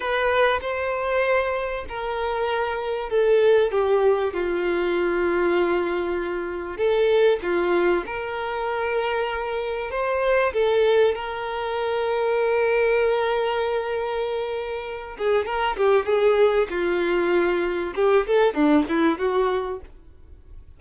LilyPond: \new Staff \with { instrumentName = "violin" } { \time 4/4 \tempo 4 = 97 b'4 c''2 ais'4~ | ais'4 a'4 g'4 f'4~ | f'2. a'4 | f'4 ais'2. |
c''4 a'4 ais'2~ | ais'1~ | ais'8 gis'8 ais'8 g'8 gis'4 f'4~ | f'4 g'8 a'8 d'8 e'8 fis'4 | }